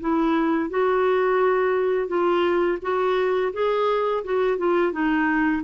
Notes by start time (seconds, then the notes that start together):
0.00 E4
0.70 F#4
2.08 F4
2.82 F#4
3.53 G#4
4.24 F#4
4.58 F4
4.92 D#4